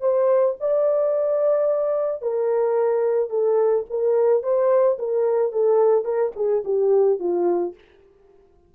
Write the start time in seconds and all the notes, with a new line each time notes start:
0.00 C5
0.60 D5
2.22 A#4
3.30 A4
3.90 A#4
4.43 C5
4.98 A#4
5.52 A4
6.04 A#4
6.36 G#4
6.64 G4
7.19 F4